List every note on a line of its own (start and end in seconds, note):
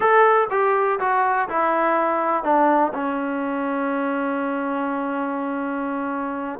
0.00 0.48 A4
0.50 0.99 G4
0.99 1.48 F#4
1.49 2.43 E4
2.43 2.92 D4
2.93 6.59 C#4